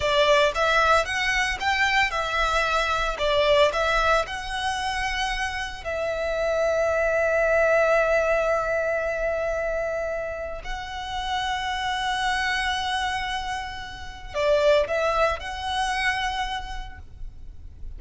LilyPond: \new Staff \with { instrumentName = "violin" } { \time 4/4 \tempo 4 = 113 d''4 e''4 fis''4 g''4 | e''2 d''4 e''4 | fis''2. e''4~ | e''1~ |
e''1 | fis''1~ | fis''2. d''4 | e''4 fis''2. | }